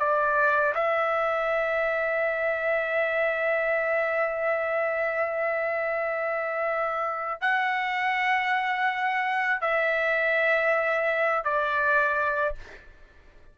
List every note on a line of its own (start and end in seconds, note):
0.00 0.74 D5
0.75 7.41 E5
7.41 9.61 F#5
9.61 11.44 E5
11.44 12.56 D5